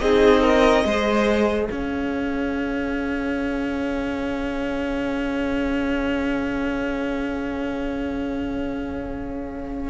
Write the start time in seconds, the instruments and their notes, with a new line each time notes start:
0.00 cello C4, viola D#4, violin G#4 D#5
0.42 violin A#4
0.84 cello G#3, viola G#4, violin C5
1.68 cello C#4, violin C#5 F5